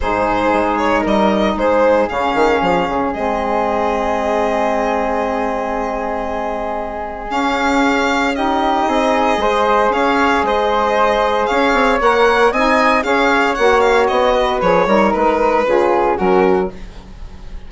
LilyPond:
<<
  \new Staff \with { instrumentName = "violin" } { \time 4/4 \tempo 4 = 115 c''4. cis''8 dis''4 c''4 | f''2 dis''2~ | dis''1~ | dis''2 f''2 |
dis''2. f''4 | dis''2 f''4 fis''4 | gis''4 f''4 fis''8 f''8 dis''4 | cis''4 b'2 ais'4 | }
  \new Staff \with { instrumentName = "flute" } { \time 4/4 gis'2 ais'4 gis'4~ | gis'1~ | gis'1~ | gis'1 |
g'4 gis'4 c''4 cis''4 | c''2 cis''2 | dis''4 cis''2~ cis''8 b'8~ | b'8 ais'4. gis'4 fis'4 | }
  \new Staff \with { instrumentName = "saxophone" } { \time 4/4 dis'1 | cis'2 c'2~ | c'1~ | c'2 cis'2 |
dis'2 gis'2~ | gis'2. ais'4 | dis'4 gis'4 fis'2 | gis'8 dis'4. f'4 cis'4 | }
  \new Staff \with { instrumentName = "bassoon" } { \time 4/4 gis,4 gis4 g4 gis4 | cis8 dis8 f8 cis8 gis2~ | gis1~ | gis2 cis'2~ |
cis'4 c'4 gis4 cis'4 | gis2 cis'8 c'8 ais4 | c'4 cis'4 ais4 b4 | f8 g8 gis4 cis4 fis4 | }
>>